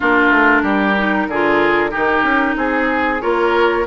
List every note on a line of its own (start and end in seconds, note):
0.00 0.30 A#3
0.00 0.96 D4
0.00 0.62 F4
0.00 2.57 A#4
0.30 0.62 A3
0.62 1.27 G3
0.62 1.27 G4
0.97 1.29 D#4
1.27 1.92 D3
1.27 1.91 F4
1.27 1.90 G#4
1.90 2.22 D#3
1.90 3.20 D#4
1.90 2.55 G4
2.22 2.55 C#4
2.56 3.21 C4
2.56 3.21 G#4
2.56 3.22 G#4
3.20 3.86 A#3
3.20 3.85 F4
3.20 3.86 A#4
3.20 3.86 C#5